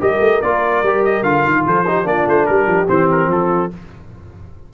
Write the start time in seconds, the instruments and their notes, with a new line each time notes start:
0.00 tuba G3, trombone G4, horn A#4, trumpet D#5
0.20 tuba A3
0.42 tuba A#3, trombone F4, trumpet D5
0.83 tuba G3, trombone G4
1.05 trumpet D#5
1.23 tuba D3, trombone F4, trumpet F5
1.45 tuba D#3
1.67 tuba F3, horn A4, trumpet C5
1.87 trombone D#4, horn G4
2.05 tuba A#3, trombone D4, horn F4, trumpet D5
2.27 tuba A3, trumpet C5
2.46 tuba G3, horn G4, trumpet A#4
2.67 tuba F3
2.88 tuba E3, trombone C4, trumpet C5
3.12 trumpet A#4
3.27 tuba F3, horn F4, trumpet A4